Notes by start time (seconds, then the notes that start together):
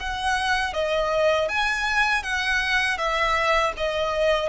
0.00 F#5
0.74 D#5
1.49 G#5
2.23 F#5
2.98 E5
3.77 D#5